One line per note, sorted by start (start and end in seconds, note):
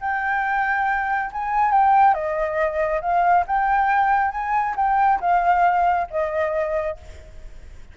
0.00 1.30 G5
1.32 1.71 G#5
1.71 2.13 G5
2.13 3.00 D#5
3.01 3.44 F5
3.46 4.31 G5
4.31 4.75 G#5
4.76 5.19 G5
5.20 6.07 F5
6.10 6.97 D#5